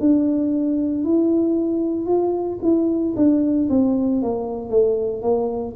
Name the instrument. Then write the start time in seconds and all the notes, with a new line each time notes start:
tuba
0.00 D4
1.04 E4
2.06 F4
2.63 E4
3.16 D4
3.70 C4
4.22 A#3
4.70 A3
5.22 A#3